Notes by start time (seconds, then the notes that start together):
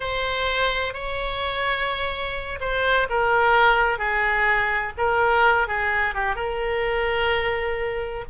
0.00 C5
0.93 C#5
2.60 C5
3.09 A#4
3.98 G#4
4.97 A#4
5.67 G#4
6.14 G4
6.35 A#4